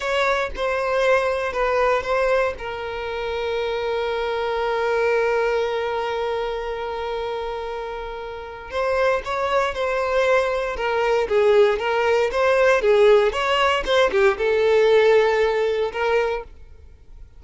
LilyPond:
\new Staff \with { instrumentName = "violin" } { \time 4/4 \tempo 4 = 117 cis''4 c''2 b'4 | c''4 ais'2.~ | ais'1~ | ais'1~ |
ais'4 c''4 cis''4 c''4~ | c''4 ais'4 gis'4 ais'4 | c''4 gis'4 cis''4 c''8 g'8 | a'2. ais'4 | }